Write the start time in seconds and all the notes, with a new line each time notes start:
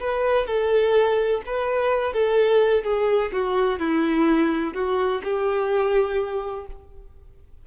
0.00 B4
0.47 A4
1.46 B4
2.13 A4
2.84 G#4
3.32 F#4
3.79 E4
4.74 F#4
5.23 G4